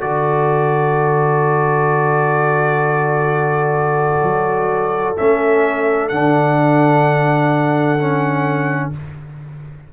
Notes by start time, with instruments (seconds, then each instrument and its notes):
0.00 tuba D3, trombone F#4, horn A4, trumpet D5
4.21 tuba F#3
5.17 tuba A3, trombone C#4, trumpet E5
6.08 tuba D3, trombone D4, trumpet F#5
7.99 trombone C#4